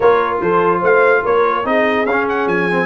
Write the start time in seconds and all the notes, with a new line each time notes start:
0.00 A#3 F4 A#4 C#5
0.41 F3 A4 C5
0.79 A3 C5 F5
1.21 A#3 A#4 C#5
1.64 C4 D#4 G#4 D#5
2.05 C#4 F5
2.28 F#5
2.46 F3 G#5
2.70 C4